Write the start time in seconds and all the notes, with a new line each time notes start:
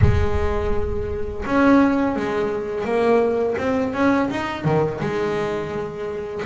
0.01 G#3
1.45 C#4
2.16 G#3
2.84 A#3
3.57 C4
3.93 C#4
4.30 D#4
4.64 D#3
5.00 G#3